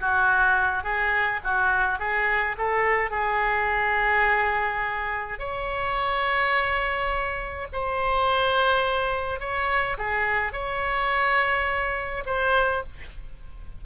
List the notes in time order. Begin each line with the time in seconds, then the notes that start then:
0.00 F#4
0.83 G#4
1.43 F#4
1.99 G#4
2.57 A4
3.10 G#4
5.39 C#5
7.72 C5
9.39 C#5
9.97 G#4
10.52 C#5
12.26 C5